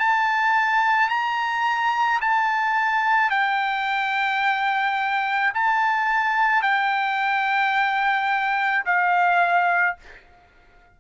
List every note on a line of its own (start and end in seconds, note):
0.00 1.10 A5
1.10 2.21 A#5
2.22 3.31 A5
3.31 5.53 G5
5.55 6.63 A5
6.63 8.85 G5
8.86 9.97 F5